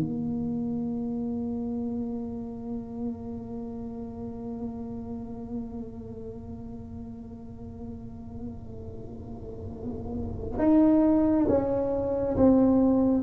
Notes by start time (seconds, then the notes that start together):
0.00 A#3
10.58 D#4
11.48 C#4
12.36 C4